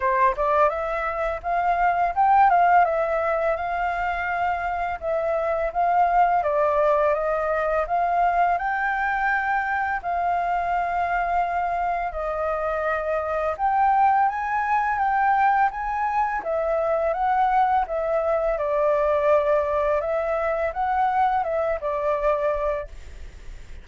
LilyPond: \new Staff \with { instrumentName = "flute" } { \time 4/4 \tempo 4 = 84 c''8 d''8 e''4 f''4 g''8 f''8 | e''4 f''2 e''4 | f''4 d''4 dis''4 f''4 | g''2 f''2~ |
f''4 dis''2 g''4 | gis''4 g''4 gis''4 e''4 | fis''4 e''4 d''2 | e''4 fis''4 e''8 d''4. | }